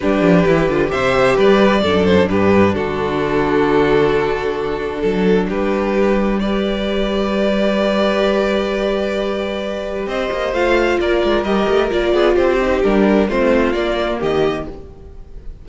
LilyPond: <<
  \new Staff \with { instrumentName = "violin" } { \time 4/4 \tempo 4 = 131 b'2 e''4 d''4~ | d''8 c''8 b'4 a'2~ | a'1 | b'2 d''2~ |
d''1~ | d''2 dis''4 f''4 | d''4 dis''4 d''4 c''4 | ais'4 c''4 d''4 dis''4 | }
  \new Staff \with { instrumentName = "violin" } { \time 4/4 g'2 c''4 b'4 | a'4 g'4 fis'2~ | fis'2. a'4 | g'2 b'2~ |
b'1~ | b'2 c''2 | ais'2~ ais'8 gis'8 g'4~ | g'4 f'2 g'4 | }
  \new Staff \with { instrumentName = "viola" } { \time 4/4 d'4 e'8 f'8 g'2 | d'1~ | d'1~ | d'2 g'2~ |
g'1~ | g'2. f'4~ | f'4 g'4 f'4. dis'8 | d'4 c'4 ais2 | }
  \new Staff \with { instrumentName = "cello" } { \time 4/4 g8 f8 e8 d8 c4 g4 | fis,4 g,4 d2~ | d2. fis4 | g1~ |
g1~ | g2 c'8 ais8 a4 | ais8 gis8 g8 a8 ais8 b8 c'4 | g4 a4 ais4 dis4 | }
>>